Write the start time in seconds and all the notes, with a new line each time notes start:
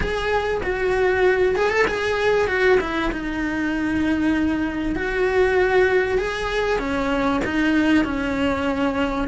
0.00 G#4
0.63 F#4
1.55 G#4
1.70 A4
1.87 G#4
2.47 F#4
2.80 E4
3.11 D#4
4.95 F#4
6.17 G#4
6.78 C#4
7.44 D#4
8.04 C#4